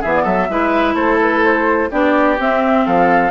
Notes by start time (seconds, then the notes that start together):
0.00 E3 B3 G#4 E5
0.15 D5
0.23 F#3 A4 E5
0.49 G#3 E4 B4
0.94 A3 A4 C5
1.21 B4
1.44 C5
1.91 B3 D4 G4 D5
2.39 C4 E5
2.85 F3 A4 F5